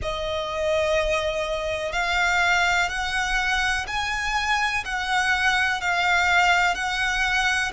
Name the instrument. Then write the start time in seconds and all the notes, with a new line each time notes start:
violin
0.02 D#5
1.92 F5
2.89 F#5
3.87 G#5
4.84 F#5
5.80 F5
6.74 F#5